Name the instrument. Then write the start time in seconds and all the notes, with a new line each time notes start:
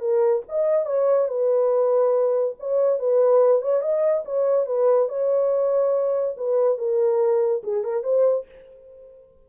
horn
0.00 A#4
0.48 D#5
0.85 C#5
1.28 B4
2.59 C#5
2.98 B4
3.61 C#5
3.81 D#5
4.25 C#5
4.66 B4
5.08 C#5
6.36 B4
6.77 A#4
7.63 G#4
7.84 A#4
8.03 C5